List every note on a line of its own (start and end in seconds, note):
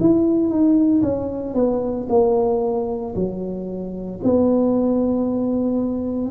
0.00 0.49 E4
0.49 1.02 D#4
1.02 1.54 C#4
1.54 2.07 B3
2.09 3.14 A#3
3.15 4.20 F#3
4.23 6.31 B3